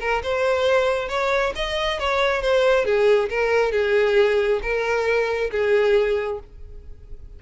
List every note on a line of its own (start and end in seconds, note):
0.00 0.22 A#4
0.23 1.08 C5
1.08 1.53 C#5
1.55 1.99 D#5
1.99 2.41 C#5
2.41 2.85 C5
2.85 3.29 G#4
3.29 3.72 A#4
3.72 4.60 G#4
4.62 5.50 A#4
5.51 6.39 G#4